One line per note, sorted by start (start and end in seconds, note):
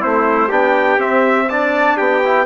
0.00 0.50 A3
0.00 0.49 C4
0.00 0.48 E4
0.00 0.52 C5
0.48 0.97 B3
0.48 1.00 D4
0.48 1.46 G4
0.48 1.01 G5
0.97 1.96 C4
0.97 1.49 C4
0.97 1.49 E5
1.49 2.23 D4
1.49 1.97 D5
1.49 1.98 A5
1.97 2.46 B3
1.97 2.46 G4
1.97 2.46 G5
2.25 2.46 E4